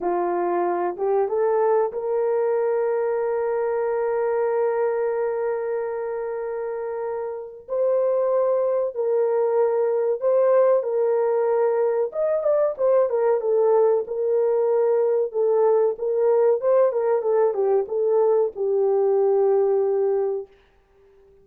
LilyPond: \new Staff \with { instrumentName = "horn" } { \time 4/4 \tempo 4 = 94 f'4. g'8 a'4 ais'4~ | ais'1~ | ais'1 | c''2 ais'2 |
c''4 ais'2 dis''8 d''8 | c''8 ais'8 a'4 ais'2 | a'4 ais'4 c''8 ais'8 a'8 g'8 | a'4 g'2. | }